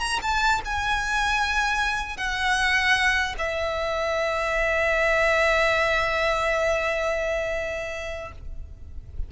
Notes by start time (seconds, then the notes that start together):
0.00 A#5
0.22 A5
0.65 G#5
2.17 F#5
3.38 E5